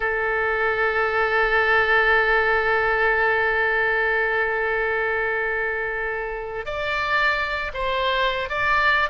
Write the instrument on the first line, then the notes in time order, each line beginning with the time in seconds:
oboe
0.00 A4
6.65 D5
7.73 C5
8.49 D5